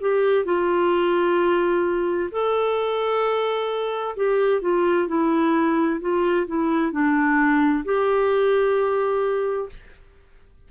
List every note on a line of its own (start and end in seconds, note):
0.00 0.44 G4
0.44 2.29 F4
2.31 4.15 A4
4.16 4.61 G4
4.61 5.07 F4
5.07 6.00 E4
6.00 6.46 F4
6.47 6.91 E4
6.91 7.84 D4
7.84 9.69 G4